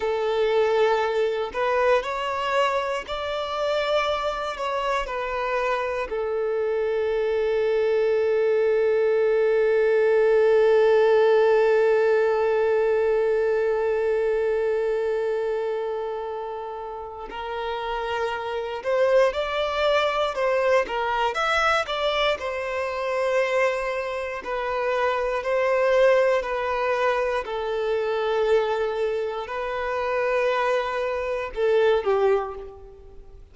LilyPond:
\new Staff \with { instrumentName = "violin" } { \time 4/4 \tempo 4 = 59 a'4. b'8 cis''4 d''4~ | d''8 cis''8 b'4 a'2~ | a'1~ | a'1~ |
a'4 ais'4. c''8 d''4 | c''8 ais'8 e''8 d''8 c''2 | b'4 c''4 b'4 a'4~ | a'4 b'2 a'8 g'8 | }